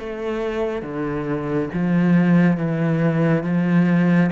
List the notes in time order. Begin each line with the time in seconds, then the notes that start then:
0.00 A3
0.83 D3
1.74 F3
2.57 E3
3.44 F3